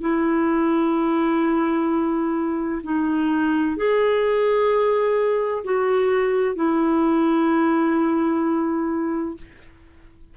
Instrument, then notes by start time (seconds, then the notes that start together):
clarinet
0.00 E4
2.83 D#4
3.76 G#4
5.64 F#4
6.55 E4